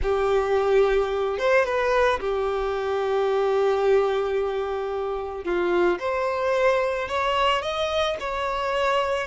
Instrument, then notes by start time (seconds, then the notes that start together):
violin
0.02 G4
1.38 C5
1.65 B4
2.20 G4
5.44 F4
5.99 C5
7.08 C#5
7.62 D#5
8.20 C#5